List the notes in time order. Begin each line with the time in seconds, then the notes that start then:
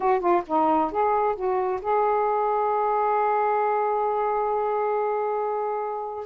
0.00 F#4
0.20 F4
0.47 D#4
0.91 G#4
1.35 F#4
1.81 G#4